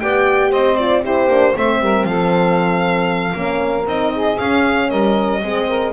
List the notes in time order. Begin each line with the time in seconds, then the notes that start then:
0.00 B3 G4 D5 G5
0.51 C4 C5 D#5
0.77 F4 D5
1.02 E4 G4 C5
1.27 A#3 D4
1.55 A3 C4 C5 E5
1.80 G3 A#4
2.04 F3 A4 F5
3.34 A#3 C#4 A#4
3.86 C4 D#4 D#5
4.14 G#4
4.39 C#4 F5
4.89 G3 A#4 D#5
5.43 G#3 C4 G#4
5.68 A#4